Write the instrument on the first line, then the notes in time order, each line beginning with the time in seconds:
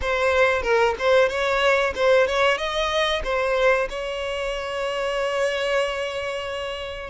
violin
0.01 C5
0.62 A#4
0.99 C5
1.28 C#5
1.95 C5
2.27 C#5
2.57 D#5
3.24 C5
3.89 C#5